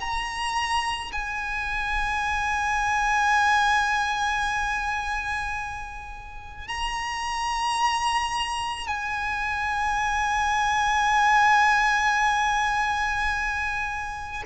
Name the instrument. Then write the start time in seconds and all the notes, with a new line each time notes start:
violin
0.00 A#5
1.12 G#5
6.68 A#5
8.87 G#5